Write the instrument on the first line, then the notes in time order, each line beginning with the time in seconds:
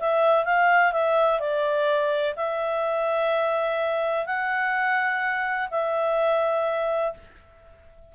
clarinet
0.00 E5
0.45 F5
0.93 E5
1.40 D5
2.36 E5
4.26 F#5
5.71 E5